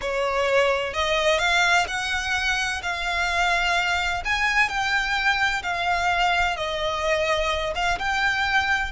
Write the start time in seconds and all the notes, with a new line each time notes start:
0.01 C#5
0.93 D#5
1.38 F5
1.87 F#5
2.82 F5
4.24 G#5
4.68 G5
5.62 F5
6.56 D#5
7.75 F5
7.98 G5